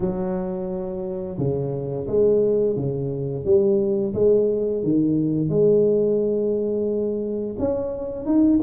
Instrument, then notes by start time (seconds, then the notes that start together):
tuba
0.00 F#3
1.38 C#3
2.07 G#3
2.76 C#3
3.44 G3
4.14 G#3
4.83 D#3
5.49 G#3
7.58 C#4
8.25 D#4